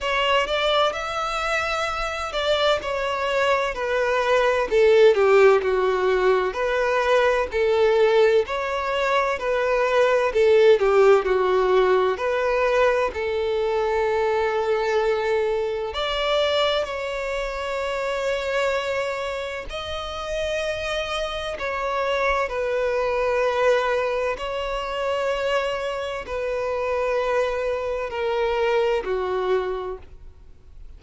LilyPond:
\new Staff \with { instrumentName = "violin" } { \time 4/4 \tempo 4 = 64 cis''8 d''8 e''4. d''8 cis''4 | b'4 a'8 g'8 fis'4 b'4 | a'4 cis''4 b'4 a'8 g'8 | fis'4 b'4 a'2~ |
a'4 d''4 cis''2~ | cis''4 dis''2 cis''4 | b'2 cis''2 | b'2 ais'4 fis'4 | }